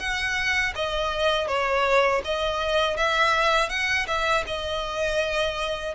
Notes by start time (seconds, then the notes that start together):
0.00 F#5
0.76 D#5
1.48 C#5
2.25 D#5
2.97 E5
3.70 F#5
4.08 E5
4.47 D#5